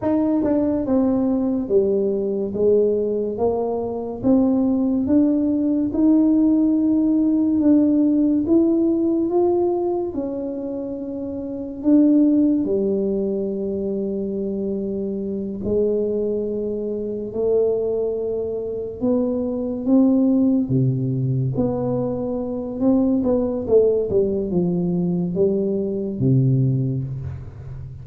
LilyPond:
\new Staff \with { instrumentName = "tuba" } { \time 4/4 \tempo 4 = 71 dis'8 d'8 c'4 g4 gis4 | ais4 c'4 d'4 dis'4~ | dis'4 d'4 e'4 f'4 | cis'2 d'4 g4~ |
g2~ g8 gis4.~ | gis8 a2 b4 c'8~ | c'8 c4 b4. c'8 b8 | a8 g8 f4 g4 c4 | }